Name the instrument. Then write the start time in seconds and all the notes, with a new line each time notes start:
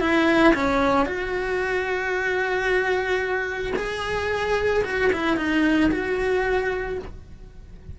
cello
0.00 E4
0.54 C#4
1.05 F#4
3.76 G#4
4.84 F#4
5.12 E4
5.37 D#4
5.91 F#4